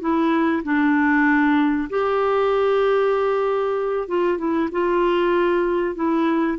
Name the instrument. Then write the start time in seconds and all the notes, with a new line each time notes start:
clarinet
0.00 E4
0.63 D4
1.89 G4
4.08 F4
4.38 E4
4.71 F4
5.95 E4